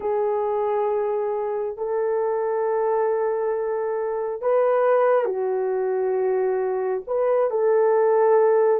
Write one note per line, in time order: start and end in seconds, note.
0.00 1.76 G#4
1.77 4.41 A4
4.41 5.25 B4
5.25 7.01 F#4
7.07 7.50 B4
7.50 8.80 A4